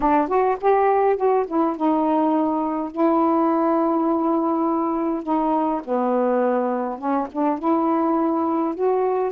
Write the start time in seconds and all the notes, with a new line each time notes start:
0.00 D4
0.28 F#4
0.60 G4
1.16 F#4
1.47 E4
1.76 D#4
2.91 E4
5.23 D#4
5.84 B3
6.98 C#4
7.32 D4
7.59 E4
8.75 F#4